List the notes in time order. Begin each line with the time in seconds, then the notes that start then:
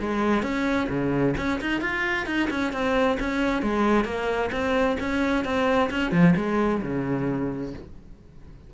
0.00 G#3
0.43 C#4
0.90 C#3
1.37 C#4
1.61 D#4
1.81 F4
2.26 D#4
2.51 C#4
2.73 C4
3.20 C#4
3.62 G#3
4.05 A#3
4.52 C4
5.00 C#4
5.45 C4
5.90 C#4
6.12 F3
6.36 G#3
6.82 C#3